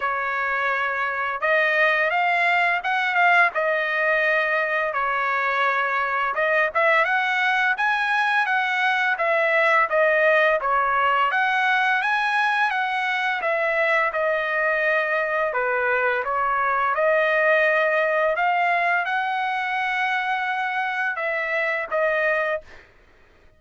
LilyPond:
\new Staff \with { instrumentName = "trumpet" } { \time 4/4 \tempo 4 = 85 cis''2 dis''4 f''4 | fis''8 f''8 dis''2 cis''4~ | cis''4 dis''8 e''8 fis''4 gis''4 | fis''4 e''4 dis''4 cis''4 |
fis''4 gis''4 fis''4 e''4 | dis''2 b'4 cis''4 | dis''2 f''4 fis''4~ | fis''2 e''4 dis''4 | }